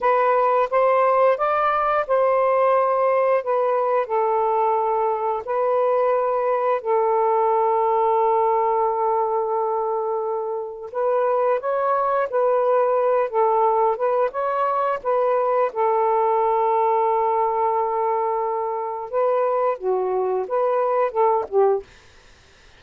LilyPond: \new Staff \with { instrumentName = "saxophone" } { \time 4/4 \tempo 4 = 88 b'4 c''4 d''4 c''4~ | c''4 b'4 a'2 | b'2 a'2~ | a'1 |
b'4 cis''4 b'4. a'8~ | a'8 b'8 cis''4 b'4 a'4~ | a'1 | b'4 fis'4 b'4 a'8 g'8 | }